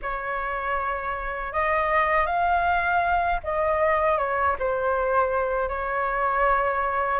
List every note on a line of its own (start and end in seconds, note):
0.01 1.52 C#5
1.52 2.26 D#5
2.26 3.40 F5
3.43 4.18 D#5
4.18 4.56 C#5
4.59 5.69 C5
5.69 7.19 C#5